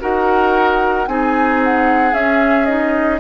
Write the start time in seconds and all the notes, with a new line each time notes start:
0.00 D#4 F#4 A#4 F#5
1.07 C4 D#4 G#4 G#5
1.64 F#5
2.12 C#4 E5
2.66 D#4 D#5